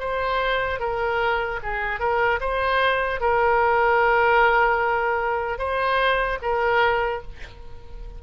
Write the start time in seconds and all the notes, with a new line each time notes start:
0.00 C5
0.80 A#4
1.63 G#4
2.00 A#4
2.41 C5
3.21 A#4
5.59 C5
6.42 A#4